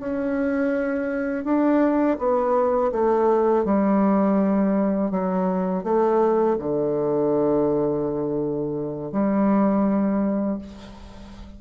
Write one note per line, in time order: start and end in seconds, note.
0.00 1.45 C#4
1.45 2.18 D4
2.19 2.92 B3
2.93 3.65 A3
3.65 5.11 G3
5.11 5.84 F#3
5.84 6.58 A3
6.60 9.13 D3
9.13 10.59 G3